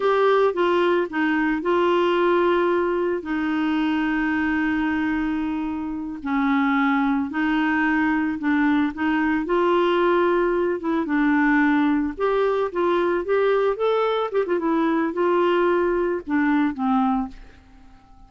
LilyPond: \new Staff \with { instrumentName = "clarinet" } { \time 4/4 \tempo 4 = 111 g'4 f'4 dis'4 f'4~ | f'2 dis'2~ | dis'2.~ dis'8 cis'8~ | cis'4. dis'2 d'8~ |
d'8 dis'4 f'2~ f'8 | e'8 d'2 g'4 f'8~ | f'8 g'4 a'4 g'16 f'16 e'4 | f'2 d'4 c'4 | }